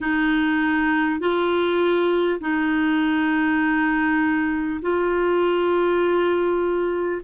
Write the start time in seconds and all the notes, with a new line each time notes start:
0.01 D#4
1.20 F4
2.40 D#4
4.81 F4